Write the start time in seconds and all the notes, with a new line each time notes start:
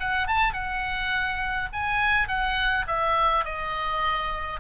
0.00 F#5
0.27 A5
0.53 F#5
1.73 G#5
2.28 F#5
2.87 E5
3.45 D#5